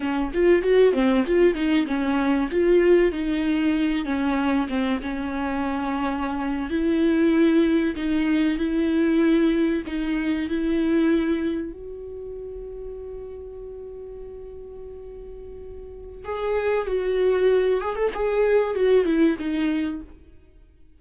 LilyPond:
\new Staff \with { instrumentName = "viola" } { \time 4/4 \tempo 4 = 96 cis'8 f'8 fis'8 c'8 f'8 dis'8 cis'4 | f'4 dis'4. cis'4 c'8 | cis'2~ cis'8. e'4~ e'16~ | e'8. dis'4 e'2 dis'16~ |
dis'8. e'2 fis'4~ fis'16~ | fis'1~ | fis'2 gis'4 fis'4~ | fis'8 gis'16 a'16 gis'4 fis'8 e'8 dis'4 | }